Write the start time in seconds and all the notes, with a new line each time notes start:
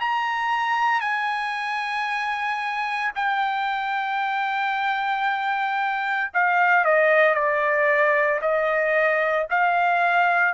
0.00 A#5
1.00 G#5
3.15 G5
6.34 F5
6.84 D#5
7.34 D5
8.41 D#5
9.50 F5